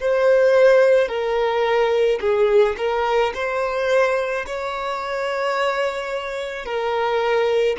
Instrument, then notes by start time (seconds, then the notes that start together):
violin
0.00 C5
1.08 A#4
2.20 G#4
2.77 A#4
3.34 C5
4.46 C#5
6.65 A#4